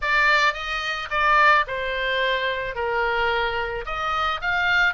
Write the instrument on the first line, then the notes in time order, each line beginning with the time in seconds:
oboe
0.01 D5
0.53 D#5
1.10 D5
1.67 C5
2.75 A#4
3.85 D#5
4.41 F5